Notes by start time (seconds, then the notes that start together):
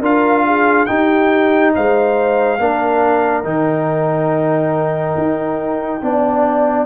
0.00 D4 F4 A#4 F5
0.45 G#4
0.85 D#4 G4 G5
1.75 G#3 C5 F5
2.59 A#3 D4 A#4
3.44 D#3 D#4 G5
5.17 D#4
6.02 B3 D4 D5